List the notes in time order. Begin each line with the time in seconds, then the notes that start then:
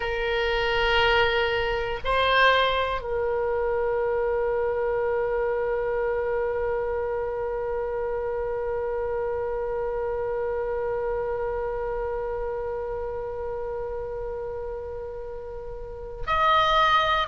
0.00 A#4
2.04 C5
3.00 A#4
16.26 D#5